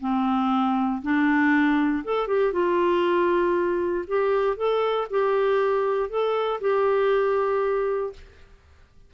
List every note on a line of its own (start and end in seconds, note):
0.00 1.02 C4
1.02 2.04 D4
2.04 2.27 A4
2.27 2.52 G4
2.52 4.05 F4
4.07 4.56 G4
4.56 5.07 A4
5.10 6.09 G4
6.09 6.60 A4
6.61 8.13 G4